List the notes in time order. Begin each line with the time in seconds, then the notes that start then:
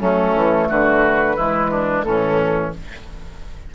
0.00 F#3 A3 C#4 A4
0.36 E3
0.69 D3 F#4 B4
1.36 E3 G#3 E4
1.71 D4
2.04 A2 E3 C#4 A4